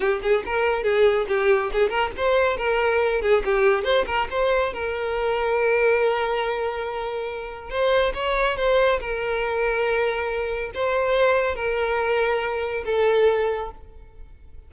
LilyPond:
\new Staff \with { instrumentName = "violin" } { \time 4/4 \tempo 4 = 140 g'8 gis'8 ais'4 gis'4 g'4 | gis'8 ais'8 c''4 ais'4. gis'8 | g'4 c''8 ais'8 c''4 ais'4~ | ais'1~ |
ais'2 c''4 cis''4 | c''4 ais'2.~ | ais'4 c''2 ais'4~ | ais'2 a'2 | }